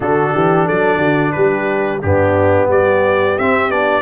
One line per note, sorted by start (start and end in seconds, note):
0.00 0.33 D3
0.00 2.02 D4
0.00 0.34 F#4
0.00 0.68 A4
0.34 0.68 E3
0.34 0.65 G4
0.65 0.98 F#3
0.65 0.98 A4
0.65 1.32 D5
0.98 1.32 D3
0.98 1.31 F#4
1.32 2.03 G3
1.32 2.02 G4
1.32 1.99 B4
2.02 2.67 G2
2.02 3.39 B3
2.02 2.68 D4
2.02 2.69 G4
2.67 3.35 G3
2.67 4.02 G4
2.67 3.38 D5
3.38 3.69 C4
3.38 3.70 C4
3.38 3.70 E5
3.69 4.02 B3
3.69 4.02 D4
3.69 4.02 D5